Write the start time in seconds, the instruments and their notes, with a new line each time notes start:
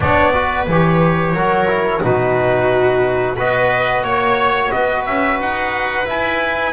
0.00 double bass B3, trombone D4, viola C#5, trumpet D5
0.33 trombone F#4, viola B4
0.67 double bass E3, trombone G4, trumpet C#5
1.33 double bass F#3, trombone F#4, viola A#4
1.67 trombone E4
2.01 double bass B2, trombone D#4, viola F#4, trumpet B4
3.36 double bass B3, trombone F#4, viola B4, trumpet D#5
4.03 double bass A#3, trumpet C#5, viola C#5
4.70 double bass B3, viola B4, trumpet D#5
5.05 double bass C#4, trumpet E5
5.40 double bass D#4, trumpet F#5
6.04 trombone E4, double bass E4, trumpet G#5